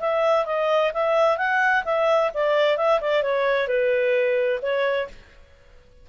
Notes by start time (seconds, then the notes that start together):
0.00 E5
0.46 D#5
0.94 E5
1.38 F#5
1.85 E5
2.34 D5
2.77 E5
3.01 D5
3.23 C#5
3.68 B4
4.62 C#5